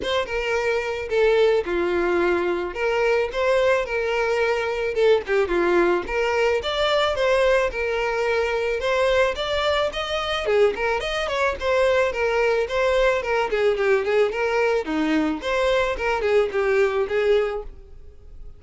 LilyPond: \new Staff \with { instrumentName = "violin" } { \time 4/4 \tempo 4 = 109 c''8 ais'4. a'4 f'4~ | f'4 ais'4 c''4 ais'4~ | ais'4 a'8 g'8 f'4 ais'4 | d''4 c''4 ais'2 |
c''4 d''4 dis''4 gis'8 ais'8 | dis''8 cis''8 c''4 ais'4 c''4 | ais'8 gis'8 g'8 gis'8 ais'4 dis'4 | c''4 ais'8 gis'8 g'4 gis'4 | }